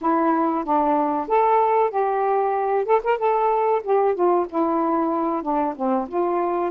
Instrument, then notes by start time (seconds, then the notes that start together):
saxophone
0.01 E4
0.64 D4
1.28 A4
1.90 G4
2.85 A4
3.03 A#4
3.18 A4
3.83 G4
4.14 F4
4.49 E4
5.42 D4
5.76 C4
6.08 F4